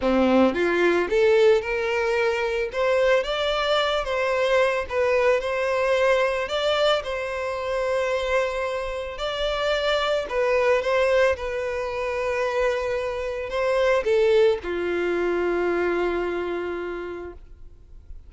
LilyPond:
\new Staff \with { instrumentName = "violin" } { \time 4/4 \tempo 4 = 111 c'4 f'4 a'4 ais'4~ | ais'4 c''4 d''4. c''8~ | c''4 b'4 c''2 | d''4 c''2.~ |
c''4 d''2 b'4 | c''4 b'2.~ | b'4 c''4 a'4 f'4~ | f'1 | }